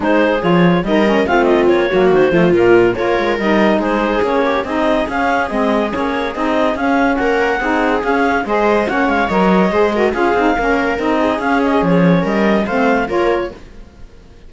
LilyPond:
<<
  \new Staff \with { instrumentName = "clarinet" } { \time 4/4 \tempo 4 = 142 c''4 cis''4 dis''4 f''8 dis''8 | cis''4 c''4 ais'4 cis''4 | dis''4 c''4 cis''4 dis''4 | f''4 dis''4 cis''4 dis''4 |
f''4 fis''2 f''4 | dis''4 fis''8 f''8 dis''2 | f''2 dis''4 f''8 dis''8 | cis''4 dis''4 f''4 cis''4 | }
  \new Staff \with { instrumentName = "viola" } { \time 4/4 gis'2 ais'4 f'4~ | f'8 fis'4 f'4. ais'4~ | ais'4 gis'4. g'8 gis'4~ | gis'1~ |
gis'4 ais'4 gis'2 | c''4 cis''2 c''8 ais'8 | gis'4 ais'4. gis'4.~ | gis'4 ais'4 c''4 ais'4 | }
  \new Staff \with { instrumentName = "saxophone" } { \time 4/4 dis'4 f'4 dis'8 cis'8 c'4~ | c'8 ais4 a8 ais4 f'4 | dis'2 cis'4 dis'4 | cis'4 c'4 cis'4 dis'4 |
cis'2 dis'4 cis'4 | gis'4 cis'4 ais'4 gis'8 fis'8 | f'8 dis'8 cis'4 dis'4 cis'4~ | cis'2 c'4 f'4 | }
  \new Staff \with { instrumentName = "cello" } { \time 4/4 gis4 f4 g4 a4 | ais8 fis8 dis8 f8 ais,4 ais8 gis8 | g4 gis4 ais4 c'4 | cis'4 gis4 ais4 c'4 |
cis'4 ais4 c'4 cis'4 | gis4 ais8 gis8 fis4 gis4 | cis'8 c'8 ais4 c'4 cis'4 | f4 g4 a4 ais4 | }
>>